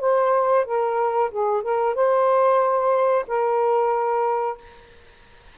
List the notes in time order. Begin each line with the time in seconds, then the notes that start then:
0.00 C5
0.65 A#4
1.31 G#4
1.62 A#4
1.95 C5
3.27 A#4